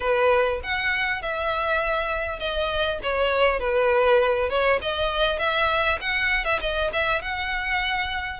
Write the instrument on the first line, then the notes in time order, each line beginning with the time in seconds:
violin
0.00 B4
0.63 F#5
1.22 E5
2.39 D#5
3.02 C#5
3.59 B4
4.49 C#5
4.81 D#5
5.38 E5
6.00 F#5
6.44 E5
6.61 D#5
6.92 E5
7.21 F#5